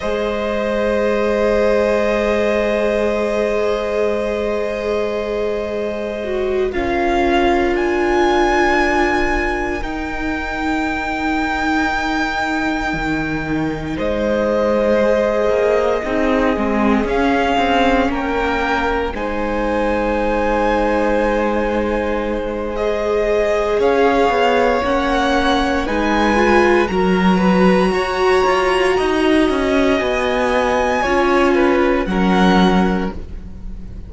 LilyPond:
<<
  \new Staff \with { instrumentName = "violin" } { \time 4/4 \tempo 4 = 58 dis''1~ | dis''2~ dis''8 f''4 gis''8~ | gis''4. g''2~ g''8~ | g''4. dis''2~ dis''8~ |
dis''8 f''4 g''4 gis''4.~ | gis''2 dis''4 f''4 | fis''4 gis''4 ais''2~ | ais''4 gis''2 fis''4 | }
  \new Staff \with { instrumentName = "violin" } { \time 4/4 c''1~ | c''2~ c''8 ais'4.~ | ais'1~ | ais'4. c''2 gis'8~ |
gis'4. ais'4 c''4.~ | c''2. cis''4~ | cis''4 b'4 ais'8 b'8 cis''4 | dis''2 cis''8 b'8 ais'4 | }
  \new Staff \with { instrumentName = "viola" } { \time 4/4 gis'1~ | gis'2 fis'8 f'4.~ | f'4. dis'2~ dis'8~ | dis'2~ dis'8 gis'4 dis'8 |
c'8 cis'2 dis'4.~ | dis'2 gis'2 | cis'4 dis'8 f'8 fis'2~ | fis'2 f'4 cis'4 | }
  \new Staff \with { instrumentName = "cello" } { \time 4/4 gis1~ | gis2~ gis8 cis'4 d'8~ | d'4. dis'2~ dis'8~ | dis'8 dis4 gis4. ais8 c'8 |
gis8 cis'8 c'8 ais4 gis4.~ | gis2. cis'8 b8 | ais4 gis4 fis4 fis'8 f'8 | dis'8 cis'8 b4 cis'4 fis4 | }
>>